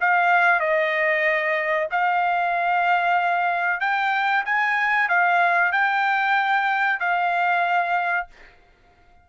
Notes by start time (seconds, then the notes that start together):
0.00 F5
0.60 D#5
1.91 F5
3.80 G5
4.45 G#5
5.09 F5
5.72 G5
6.99 F5